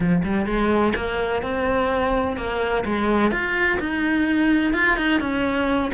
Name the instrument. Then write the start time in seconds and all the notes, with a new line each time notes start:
cello
0.00 F3
0.23 G3
0.46 G#3
0.95 A#3
1.42 C4
2.36 A#3
2.85 G#3
3.31 F4
3.79 D#4
4.73 F4
4.96 D#4
5.20 C#4